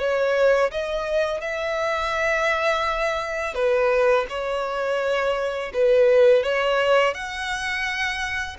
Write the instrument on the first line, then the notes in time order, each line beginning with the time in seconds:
violin
0.00 C#5
0.72 D#5
1.41 E5
3.55 B4
4.30 C#5
5.74 B4
6.44 C#5
7.15 F#5